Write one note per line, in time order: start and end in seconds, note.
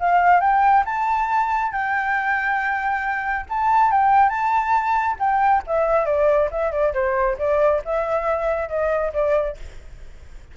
0.00 0.41 F5
0.41 0.84 G5
0.85 1.72 A5
1.72 3.46 G5
3.49 3.92 A5
3.92 4.29 G5
4.29 5.16 A5
5.19 5.63 G5
5.67 6.06 E5
6.06 6.49 D5
6.51 6.72 E5
6.72 6.93 D5
6.94 7.37 C5
7.39 7.82 D5
7.85 8.69 E5
8.69 9.12 D#5
9.13 9.57 D5